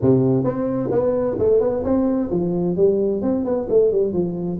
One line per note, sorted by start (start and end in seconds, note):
0.01 0.44 C3
0.44 0.89 C4
0.91 1.37 B3
1.38 1.60 A3
1.60 1.83 B3
1.84 2.29 C4
2.30 2.76 F3
2.76 3.22 G3
3.22 3.45 C4
3.45 3.67 B3
3.69 3.91 A3
3.91 4.13 G3
4.13 4.59 F3